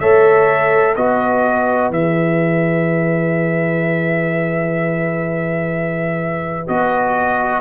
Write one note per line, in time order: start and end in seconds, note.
0.00 0.96 A3
0.00 0.96 A4
0.00 0.95 C#5
0.00 0.95 E5
0.95 1.90 B3
0.95 1.93 F#4
0.95 7.61 B4
0.95 1.91 D#5
1.90 6.67 E3
1.90 6.68 G#4
1.90 6.68 E5
6.68 7.61 B3
6.68 7.61 F#4
6.68 7.61 D#5